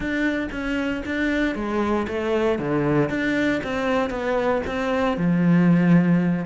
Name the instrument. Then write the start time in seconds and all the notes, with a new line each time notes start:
cello
0.00 D4
0.51 C#4
1.05 D4
1.55 G#3
2.07 A3
2.58 D3
3.09 D4
3.63 C4
4.10 B3
4.66 C4
5.17 F3